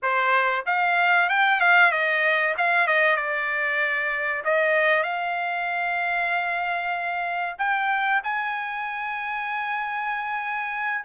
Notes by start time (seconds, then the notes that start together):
0.02 C5
0.65 F5
1.29 G5
1.60 F5
1.91 D#5
2.57 F5
2.87 D#5
3.16 D5
4.44 D#5
5.03 F5
7.58 G5
8.23 G#5